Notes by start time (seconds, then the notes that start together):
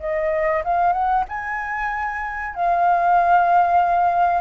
0.00 D#5
0.64 F5
0.92 F#5
1.29 G#5
2.55 F5